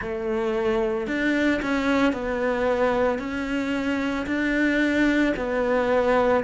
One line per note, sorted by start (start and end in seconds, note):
0.01 1.07 A3
1.07 1.61 D4
1.62 2.12 C#4
2.12 3.19 B3
3.19 4.26 C#4
4.26 5.33 D4
5.36 6.43 B3